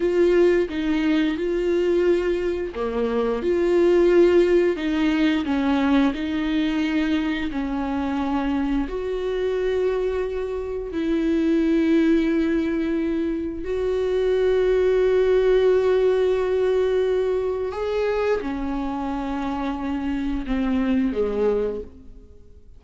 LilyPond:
\new Staff \with { instrumentName = "viola" } { \time 4/4 \tempo 4 = 88 f'4 dis'4 f'2 | ais4 f'2 dis'4 | cis'4 dis'2 cis'4~ | cis'4 fis'2. |
e'1 | fis'1~ | fis'2 gis'4 cis'4~ | cis'2 c'4 gis4 | }